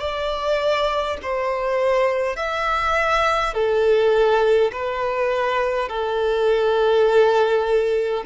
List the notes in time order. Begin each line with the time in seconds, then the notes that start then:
0.00 D5
1.22 C5
2.36 E5
3.54 A4
4.72 B4
5.89 A4